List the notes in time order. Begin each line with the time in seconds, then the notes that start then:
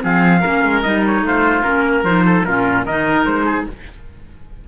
0.00 F3 C4 G#4 F5
0.41 A#3 C#4 A#4
0.64 G#3
0.83 G3 D#4 D#5
1.06 C#5
1.22 A3 F4 C5
1.63 A#3 C#4 A#4
1.85 A#4
2.04 F3 D#4 C5
2.26 A4
2.45 A#2 C#4 F4 A#4
2.85 D#3 D#4 A#4 D#5
3.26 G#3 C5
3.46 G#4